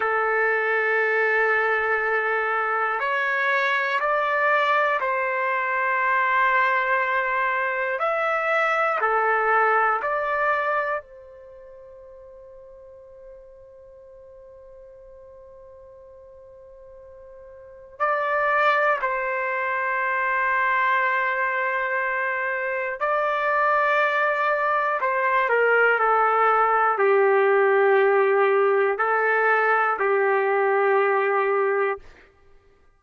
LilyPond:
\new Staff \with { instrumentName = "trumpet" } { \time 4/4 \tempo 4 = 60 a'2. cis''4 | d''4 c''2. | e''4 a'4 d''4 c''4~ | c''1~ |
c''2 d''4 c''4~ | c''2. d''4~ | d''4 c''8 ais'8 a'4 g'4~ | g'4 a'4 g'2 | }